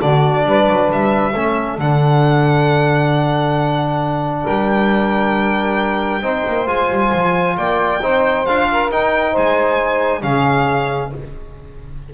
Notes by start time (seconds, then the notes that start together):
0.00 D3 D4 F#4 D5
0.45 G3 B4
0.69 F#3
0.92 G3 E5
1.34 A3 C#4 A4
1.78 D3 D4 F#5
4.44 G3 A#4 G5
6.22 C4 D#4 C5
6.47 A#3
6.66 G#3 F4 G#5
6.90 G3
7.13 F3
7.57 A#3 D5 G5
8.01 C4 D#4 C5
8.46 D4 F4 F5
8.71 A#4
8.91 D#4 G5
9.32 G#3 C5 G#5
10.21 C#3 C#4 G#4 F5